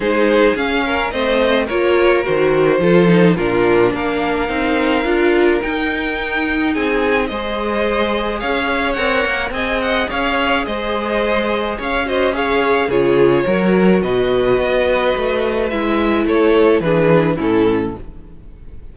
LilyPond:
<<
  \new Staff \with { instrumentName = "violin" } { \time 4/4 \tempo 4 = 107 c''4 f''4 dis''4 cis''4 | c''2 ais'4 f''4~ | f''2 g''2 | gis''4 dis''2 f''4 |
fis''4 gis''8 fis''8 f''4 dis''4~ | dis''4 f''8 dis''8 f''4 cis''4~ | cis''4 dis''2. | e''4 cis''4 b'4 a'4 | }
  \new Staff \with { instrumentName = "violin" } { \time 4/4 gis'4. ais'8 c''4 ais'4~ | ais'4 a'4 f'4 ais'4~ | ais'1 | gis'4 c''2 cis''4~ |
cis''4 dis''4 cis''4 c''4~ | c''4 cis''8 c''8 cis''4 gis'4 | ais'4 b'2.~ | b'4 a'4 gis'4 e'4 | }
  \new Staff \with { instrumentName = "viola" } { \time 4/4 dis'4 cis'4 c'4 f'4 | fis'4 f'8 dis'8 d'2 | dis'4 f'4 dis'2~ | dis'4 gis'2. |
ais'4 gis'2.~ | gis'4. fis'8 gis'4 f'4 | fis'1 | e'2 d'4 cis'4 | }
  \new Staff \with { instrumentName = "cello" } { \time 4/4 gis4 cis'4 a4 ais4 | dis4 f4 ais,4 ais4 | c'4 d'4 dis'2 | c'4 gis2 cis'4 |
c'8 ais8 c'4 cis'4 gis4~ | gis4 cis'2 cis4 | fis4 b,4 b4 a4 | gis4 a4 e4 a,4 | }
>>